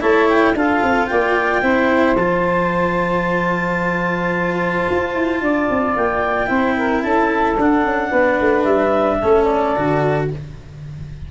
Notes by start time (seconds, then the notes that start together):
0.00 A3 E4 C#5 A5
0.29 G5
0.54 D4 F4 A4 F5
0.83 C4
1.07 A#3 D5 G5
1.62 C4 E4 C5
2.16 F3 F4 A5
4.90 F4
5.15 E4
5.41 D4 D5
5.70 C4
5.96 A#3 G5
6.47 C4 E4 C5
6.77 A#4
7.02 C#4 A4 A5
7.57 D4 F#5
7.84 C#4
8.10 B3 B4
8.40 A3
8.64 G3 E5
9.20 A3 C#4 A4
9.43 D5
9.76 D3 F#4